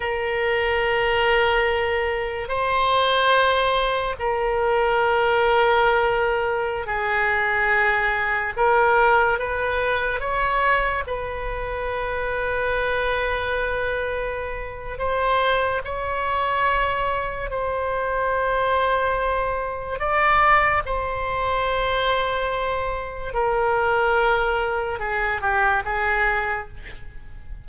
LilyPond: \new Staff \with { instrumentName = "oboe" } { \time 4/4 \tempo 4 = 72 ais'2. c''4~ | c''4 ais'2.~ | ais'16 gis'2 ais'4 b'8.~ | b'16 cis''4 b'2~ b'8.~ |
b'2 c''4 cis''4~ | cis''4 c''2. | d''4 c''2. | ais'2 gis'8 g'8 gis'4 | }